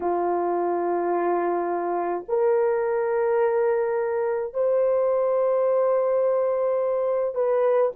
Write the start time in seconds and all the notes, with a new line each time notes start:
0.00 F4
2.28 A#4
4.53 C5
7.34 B4